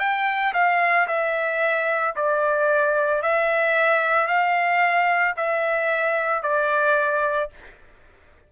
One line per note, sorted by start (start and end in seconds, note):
0.00 0.54 G5
0.54 1.08 F5
1.08 2.15 E5
2.16 3.23 D5
3.23 4.28 E5
4.28 5.35 F5
5.37 6.43 E5
6.43 7.50 D5